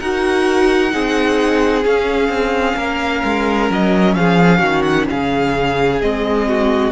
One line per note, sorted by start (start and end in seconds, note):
0.00 0.93 D#4
0.00 0.91 F#4
0.00 0.92 A#4
0.00 1.85 F#5
0.91 1.85 C4
0.91 1.83 D#4
0.91 2.77 G#4
1.85 2.29 C#4
1.85 6.00 C#4
1.85 3.71 F5
2.29 2.75 C4
2.77 3.23 A#3
2.77 4.15 A#4
3.24 3.70 G#3
3.70 4.15 F#3
3.70 4.15 D#5
4.15 4.61 F3
4.15 4.59 G#4
4.15 4.82 F5
4.59 5.07 D#3
4.59 5.05 F#4
4.82 5.06 F#5
5.10 6.02 C#3
5.10 6.48 G#4
5.10 6.02 F5
6.02 6.92 G#3
6.02 6.92 C4
6.02 6.92 D#5
6.48 6.92 F#4